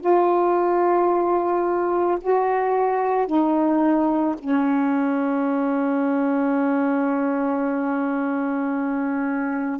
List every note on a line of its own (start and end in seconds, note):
0.00 2.18 F4
2.21 3.26 F#4
3.26 4.35 D#4
4.38 9.79 C#4